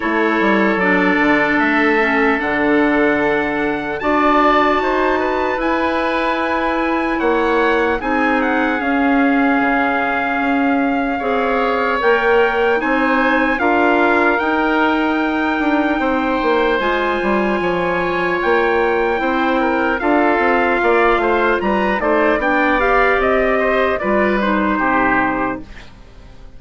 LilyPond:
<<
  \new Staff \with { instrumentName = "trumpet" } { \time 4/4 \tempo 4 = 75 cis''4 d''4 e''4 fis''4~ | fis''4 a''2 gis''4~ | gis''4 fis''4 gis''8 fis''8 f''4~ | f''2. g''4 |
gis''4 f''4 g''2~ | g''4 gis''2 g''4~ | g''4 f''2 ais''8 d''8 | g''8 f''8 dis''4 d''8 c''4. | }
  \new Staff \with { instrumentName = "oboe" } { \time 4/4 a'1~ | a'4 d''4 c''8 b'4.~ | b'4 cis''4 gis'2~ | gis'2 cis''2 |
c''4 ais'2. | c''2 cis''2 | c''8 ais'8 a'4 d''8 c''8 b'8 c''8 | d''4. c''8 b'4 g'4 | }
  \new Staff \with { instrumentName = "clarinet" } { \time 4/4 e'4 d'4. cis'8 d'4~ | d'4 fis'2 e'4~ | e'2 dis'4 cis'4~ | cis'2 gis'4 ais'4 |
dis'4 f'4 dis'2~ | dis'4 f'2. | e'4 f'2~ f'8 dis'8 | d'8 g'4. f'8 dis'4. | }
  \new Staff \with { instrumentName = "bassoon" } { \time 4/4 a8 g8 fis8 d8 a4 d4~ | d4 d'4 dis'4 e'4~ | e'4 ais4 c'4 cis'4 | cis4 cis'4 c'4 ais4 |
c'4 d'4 dis'4. d'8 | c'8 ais8 gis8 g8 f4 ais4 | c'4 d'8 c'8 ais8 a8 g8 a8 | b4 c'4 g4 c4 | }
>>